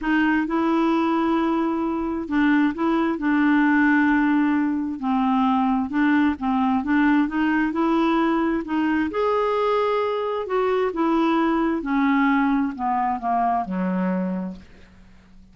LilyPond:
\new Staff \with { instrumentName = "clarinet" } { \time 4/4 \tempo 4 = 132 dis'4 e'2.~ | e'4 d'4 e'4 d'4~ | d'2. c'4~ | c'4 d'4 c'4 d'4 |
dis'4 e'2 dis'4 | gis'2. fis'4 | e'2 cis'2 | b4 ais4 fis2 | }